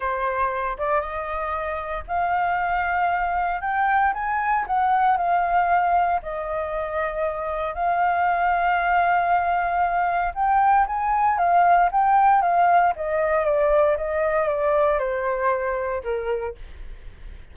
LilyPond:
\new Staff \with { instrumentName = "flute" } { \time 4/4 \tempo 4 = 116 c''4. d''8 dis''2 | f''2. g''4 | gis''4 fis''4 f''2 | dis''2. f''4~ |
f''1 | g''4 gis''4 f''4 g''4 | f''4 dis''4 d''4 dis''4 | d''4 c''2 ais'4 | }